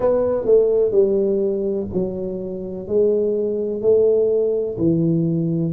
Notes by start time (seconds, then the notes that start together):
0.00 B3
0.45 A3
0.91 G3
1.93 F#3
2.87 G#3
3.81 A3
4.78 E3